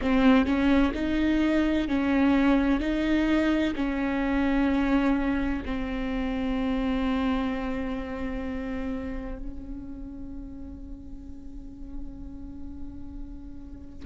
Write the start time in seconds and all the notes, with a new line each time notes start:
0.01 C4
0.45 C#4
0.94 D#4
1.87 C#4
2.80 D#4
3.75 C#4
5.65 C4
9.38 C#4